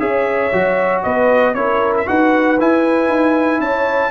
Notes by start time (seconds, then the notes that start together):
0.00 C#4 G#4 C#5 E5
0.53 F#3 F#4
1.03 B3 B4 D#5
1.55 C#4 E4 A#4 C#5
1.98 E5
2.07 D#4 F#4 B4 F#5
2.60 E4 G#5
3.09 D#4
3.60 C#4 C#5 A5